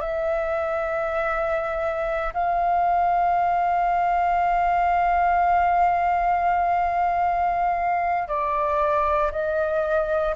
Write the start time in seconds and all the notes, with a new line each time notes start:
0.00 E5
2.33 F5
8.28 D5
9.32 D#5